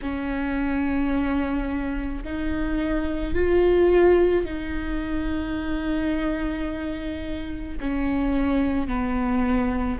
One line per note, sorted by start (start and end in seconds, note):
0.01 2.23 C#4
2.24 3.34 D#4
3.34 4.44 F4
4.44 7.78 D#4
7.80 8.87 C#4
8.87 9.98 B3